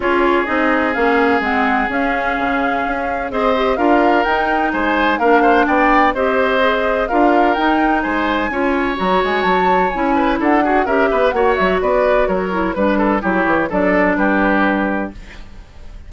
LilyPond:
<<
  \new Staff \with { instrumentName = "flute" } { \time 4/4 \tempo 4 = 127 cis''4 dis''4 f''4 fis''4 | f''2. dis''4 | f''4 g''4 gis''4 f''4 | g''4 dis''2 f''4 |
g''4 gis''2 ais''8 gis''8 | a''4 gis''4 fis''4 e''4 | fis''8 e''8 d''4 cis''4 b'4 | cis''4 d''4 b'2 | }
  \new Staff \with { instrumentName = "oboe" } { \time 4/4 gis'1~ | gis'2. c''4 | ais'2 c''4 ais'8 c''8 | d''4 c''2 ais'4~ |
ais'4 c''4 cis''2~ | cis''4. b'8 a'8 gis'8 ais'8 b'8 | cis''4 b'4 ais'4 b'8 a'8 | g'4 a'4 g'2 | }
  \new Staff \with { instrumentName = "clarinet" } { \time 4/4 f'4 dis'4 cis'4 c'4 | cis'2. gis'8 g'8 | f'4 dis'2 d'4~ | d'4 g'4 gis'4 f'4 |
dis'2 f'4 fis'4~ | fis'4 e'4. fis'8 g'4 | fis'2~ fis'8 e'8 d'4 | e'4 d'2. | }
  \new Staff \with { instrumentName = "bassoon" } { \time 4/4 cis'4 c'4 ais4 gis4 | cis'4 cis4 cis'4 c'4 | d'4 dis'4 gis4 ais4 | b4 c'2 d'4 |
dis'4 gis4 cis'4 fis8 gis8 | fis4 cis'4 d'4 cis'8 b8 | ais8 fis8 b4 fis4 g4 | fis8 e8 fis4 g2 | }
>>